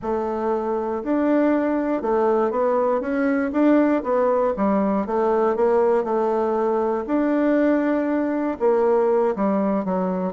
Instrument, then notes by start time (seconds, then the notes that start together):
bassoon
0.02 A3
1.03 D4
2.02 A3
2.50 B3
3.00 C#4
3.52 D4
4.03 B3
4.57 G3
5.06 A3
5.56 A#3
6.04 A3
7.06 D4
8.59 A#3
9.35 G3
9.84 F#3